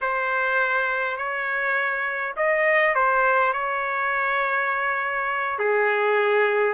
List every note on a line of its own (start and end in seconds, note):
0.01 1.17 C5
1.17 2.34 C#5
2.36 2.94 D#5
2.94 3.53 C5
3.53 5.59 C#5
5.59 6.74 G#4